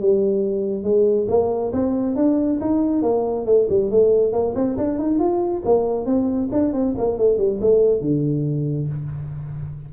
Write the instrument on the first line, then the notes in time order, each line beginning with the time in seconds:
tuba
0.00 G3
0.83 G#3
1.28 A#3
1.73 C4
2.16 D4
2.60 D#4
3.02 A#3
3.45 A3
3.69 G3
3.91 A3
4.32 A#3
4.55 C4
4.77 D4
4.98 D#4
5.19 F4
5.65 A#3
6.06 C4
6.52 D4
6.73 C4
6.97 A#3
7.17 A3
7.38 G3
7.61 A3
8.01 D3